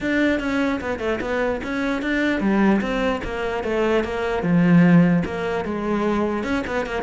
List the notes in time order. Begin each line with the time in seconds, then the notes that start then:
0.01 D4
0.39 C#4
0.80 B3
0.99 A3
1.20 B3
1.63 C#4
2.02 D4
2.40 G3
2.81 C4
3.24 A#3
3.63 A3
4.04 A#3
4.42 F3
5.25 A#3
5.64 G#3
6.43 C#4
6.66 B3
6.85 A#3